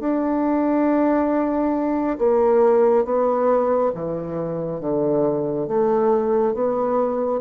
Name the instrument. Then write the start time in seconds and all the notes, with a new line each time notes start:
bassoon
0.00 D4
2.19 A#3
3.05 B3
3.95 E3
4.81 D3
5.68 A3
6.54 B3